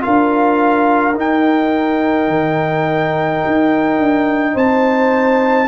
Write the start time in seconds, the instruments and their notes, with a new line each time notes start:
0.00 tuba D4, trombone F4, horn A#4, trumpet F5
1.15 trombone D#4, tuba D#4, trumpet G5
2.27 tuba D#3
3.46 tuba D#4
3.98 tuba D4
4.53 tuba C4, horn C5, trumpet A5